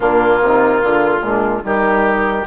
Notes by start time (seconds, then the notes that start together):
0.00 A#2 A#3 D4 F4
0.41 C3 D#4
0.82 D3 F4
1.20 A#2 G#3 D4
1.62 D#3 G3 D#4 G4